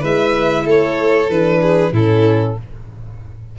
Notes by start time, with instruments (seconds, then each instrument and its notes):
0.00 tuba G#3, horn E4, violin B4 E5
0.65 tuba A3, violin A4 C#5
1.29 tuba E3, horn D4, violin B4
1.62 violin G#4
1.92 tuba A2, horn C#4, violin E4 A4